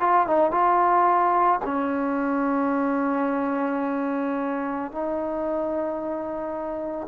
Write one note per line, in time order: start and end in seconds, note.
0.00 0.27 F4
0.27 0.51 D#4
0.51 1.60 F4
1.65 4.92 C#4
4.92 7.08 D#4